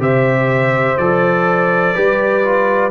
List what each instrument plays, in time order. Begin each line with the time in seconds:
0.00 tuba C3, trombone G4, horn C5, trumpet E5
0.98 tuba F3, trombone A4, trumpet D5
1.94 tuba G3, trombone G4, horn B4
2.44 trombone F4